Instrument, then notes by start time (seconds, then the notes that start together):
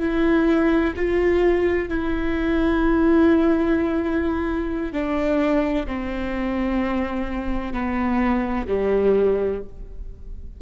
viola
0.00 E4
0.96 F4
1.89 E4
4.93 D4
5.86 C4
7.73 B3
8.68 G3